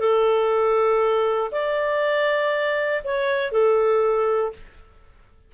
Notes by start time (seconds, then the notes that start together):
0.00 A4
1.51 D5
3.04 C#5
3.52 A4